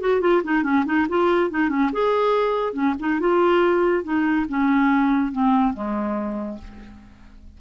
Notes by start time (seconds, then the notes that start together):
0.00 F#4
0.21 F4
0.44 D#4
0.63 C#4
0.85 D#4
1.09 F4
1.50 D#4
1.69 C#4
1.92 G#4
2.73 C#4
2.99 D#4
3.20 F4
4.03 D#4
4.48 C#4
5.32 C4
5.73 G#3